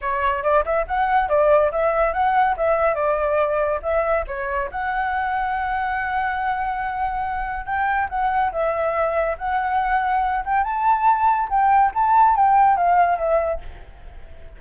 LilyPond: \new Staff \with { instrumentName = "flute" } { \time 4/4 \tempo 4 = 141 cis''4 d''8 e''8 fis''4 d''4 | e''4 fis''4 e''4 d''4~ | d''4 e''4 cis''4 fis''4~ | fis''1~ |
fis''2 g''4 fis''4 | e''2 fis''2~ | fis''8 g''8 a''2 g''4 | a''4 g''4 f''4 e''4 | }